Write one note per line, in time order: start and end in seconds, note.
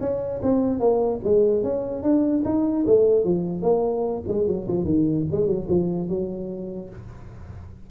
0.00 0.41 C#4
0.42 0.79 C4
0.79 1.20 A#3
1.24 1.63 G#3
1.63 2.02 C#4
2.02 2.43 D4
2.45 2.85 D#4
2.87 3.24 A3
3.24 3.62 F3
3.62 4.23 A#3
4.27 4.47 G#3
4.47 4.67 F#3
4.68 4.84 F3
4.84 5.25 D#3
5.31 5.46 G#3
5.46 5.66 F#3
5.68 6.08 F3
6.08 6.89 F#3